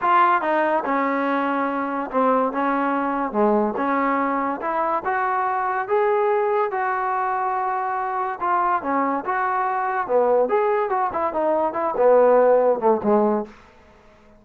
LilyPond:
\new Staff \with { instrumentName = "trombone" } { \time 4/4 \tempo 4 = 143 f'4 dis'4 cis'2~ | cis'4 c'4 cis'2 | gis4 cis'2 e'4 | fis'2 gis'2 |
fis'1 | f'4 cis'4 fis'2 | b4 gis'4 fis'8 e'8 dis'4 | e'8 b2 a8 gis4 | }